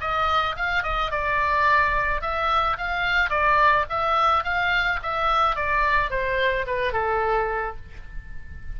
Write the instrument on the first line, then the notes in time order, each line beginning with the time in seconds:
oboe
0.00 D#5
0.56 F5
0.83 D#5
1.11 D5
2.21 E5
2.77 F5
3.30 D5
3.89 E5
4.43 F5
5.02 E5
5.56 D5
6.10 C5
6.66 B4
6.92 A4